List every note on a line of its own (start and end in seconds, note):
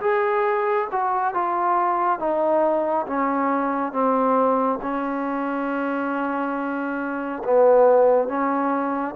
0.00 0.87 G#4
0.91 1.34 F#4
1.34 2.19 F4
2.19 3.06 D#4
3.06 3.92 C#4
3.92 4.79 C4
4.81 7.42 C#4
7.43 8.28 B3
8.28 9.15 C#4